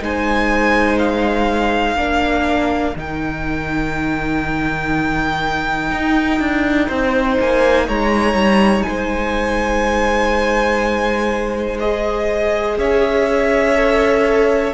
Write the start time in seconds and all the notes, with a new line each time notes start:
0.00 G#3 D#4 C5 G#5
0.99 F5
1.96 A#3 D4 A#4
2.96 D#3 D#4 G5
5.91 D#4
6.40 D4
6.88 C4 C5
7.40 A#3 G#5
7.88 G#3 C#5 A#5
8.34 G3
8.83 C5 G#5
8.89 G#3
11.80 G#4 D#5
12.78 C#4 C#5 E5
13.76 A4